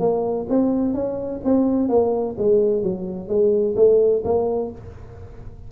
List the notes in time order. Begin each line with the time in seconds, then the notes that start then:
0.00 A#3
0.49 C4
0.94 C#4
1.45 C4
1.89 A#3
2.38 G#3
2.83 F#3
3.29 G#3
3.76 A3
4.25 A#3